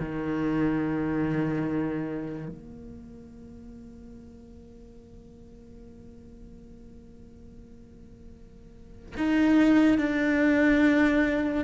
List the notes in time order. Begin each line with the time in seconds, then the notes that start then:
0.00 D#3
2.49 A#3
9.17 D#4
9.98 D4